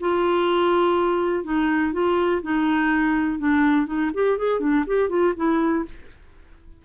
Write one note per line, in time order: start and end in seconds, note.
0.00 1.44 F4
1.44 1.92 D#4
1.93 2.41 F4
2.42 3.39 D#4
3.39 3.86 D4
3.86 4.10 D#4
4.14 4.38 G4
4.38 4.60 G#4
4.60 4.84 D4
4.86 5.09 G4
5.09 5.33 F4
5.36 5.85 E4